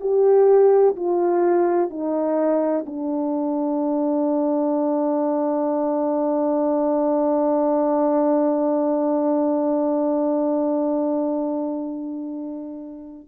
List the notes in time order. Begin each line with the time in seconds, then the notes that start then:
0.00 G4
0.96 F4
1.90 D#4
2.86 D4